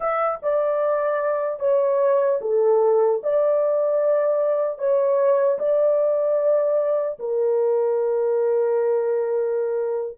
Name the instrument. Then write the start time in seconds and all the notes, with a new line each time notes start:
horn
0.00 E5
0.42 D5
1.59 C#5
2.41 A4
3.23 D5
4.78 C#5
5.59 D5
7.19 A#4